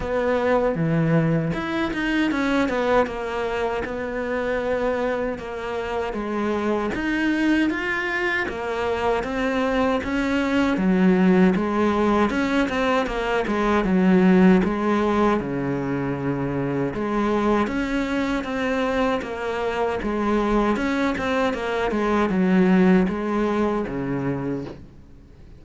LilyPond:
\new Staff \with { instrumentName = "cello" } { \time 4/4 \tempo 4 = 78 b4 e4 e'8 dis'8 cis'8 b8 | ais4 b2 ais4 | gis4 dis'4 f'4 ais4 | c'4 cis'4 fis4 gis4 |
cis'8 c'8 ais8 gis8 fis4 gis4 | cis2 gis4 cis'4 | c'4 ais4 gis4 cis'8 c'8 | ais8 gis8 fis4 gis4 cis4 | }